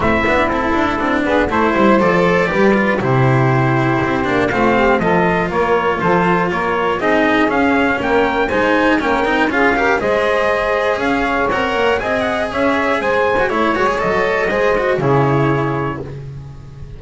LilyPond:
<<
  \new Staff \with { instrumentName = "trumpet" } { \time 4/4 \tempo 4 = 120 e''4 a'4. b'8 c''4 | d''2 c''2~ | c''4 f''4 dis''4 cis''4 | c''4 cis''4 dis''4 f''4 |
g''4 gis''4 g''4 f''4 | dis''2 f''4 fis''4 | gis''8 fis''8 e''4 gis''4 cis''4 | dis''2 cis''2 | }
  \new Staff \with { instrumentName = "saxophone" } { \time 4/4 e'2~ e'8 gis'8 a'8 c''8~ | c''4 b'4 g'2~ | g'4 f'8 g'8 a'4 ais'4 | a'4 ais'4 gis'2 |
ais'4 c''4 ais'4 gis'8 ais'8 | c''2 cis''2 | dis''4 cis''4 c''4 cis''4~ | cis''4 c''4 gis'2 | }
  \new Staff \with { instrumentName = "cello" } { \time 4/4 c'8 d'8 e'4 d'4 e'4 | a'4 g'8 f'8 e'2~ | e'8 d'8 c'4 f'2~ | f'2 dis'4 cis'4~ |
cis'4 dis'4 cis'8 dis'8 f'8 g'8 | gis'2. ais'4 | gis'2~ gis'8. fis'16 e'8 fis'16 gis'16 | a'4 gis'8 fis'8 e'2 | }
  \new Staff \with { instrumentName = "double bass" } { \time 4/4 a8 b8 c'8 d'8 c'8 b8 a8 g8 | f4 g4 c2 | c'8 ais8 a4 f4 ais4 | f4 ais4 c'4 cis'4 |
ais4 gis4 ais8 c'8 cis'4 | gis2 cis'4 c'8 ais8 | c'4 cis'4 gis4 a8 gis8 | fis4 gis4 cis2 | }
>>